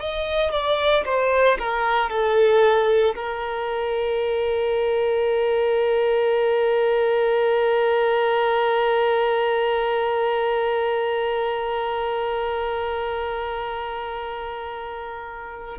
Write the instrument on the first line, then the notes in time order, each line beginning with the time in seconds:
violin
0.00 D#5
0.52 D5
1.05 C5
1.59 A#4
2.10 A4
3.15 A#4